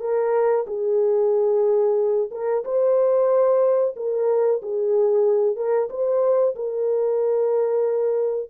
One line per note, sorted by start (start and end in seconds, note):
0.00 0.65 A#4
0.67 2.30 G#4
2.31 2.64 A#4
2.64 3.95 C5
3.96 4.61 A#4
4.62 5.56 G#4
5.56 5.88 A#4
5.89 6.55 C5
6.55 8.50 A#4